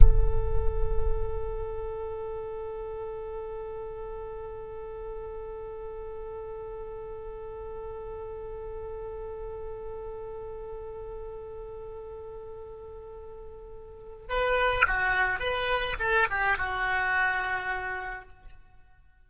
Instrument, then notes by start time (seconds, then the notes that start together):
oboe
0.00 A4
14.28 B4
14.87 F#4
15.39 B4
15.99 A4
16.29 G4
16.57 F#4